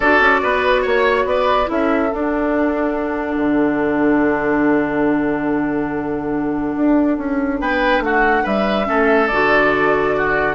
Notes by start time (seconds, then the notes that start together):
0.00 D4 F#4 A4 D5
0.19 C#4
0.42 B3 B4
0.82 A#3 C#5
1.25 B3 B4 D5
1.66 C#4 E4 A4 E5
2.12 D4 F#5
3.36 D3
6.75 D4
7.17 C#4
7.60 B3 B4 G5
7.99 A3 F#4 F#5
8.43 G3 B4 E5
8.85 A3 C#4 A4
9.27 D3 F#4 D5
10.17 F#4